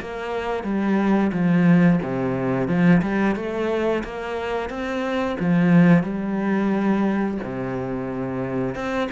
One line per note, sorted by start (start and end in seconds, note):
0.00 0.63 A#3
0.63 1.31 G3
1.32 1.99 F3
2.02 2.68 C3
2.68 3.01 F3
3.02 3.35 G3
3.35 4.03 A3
4.04 4.69 A#3
4.69 5.37 C4
5.39 6.03 F3
6.03 7.38 G3
7.43 8.75 C3
8.75 9.09 C4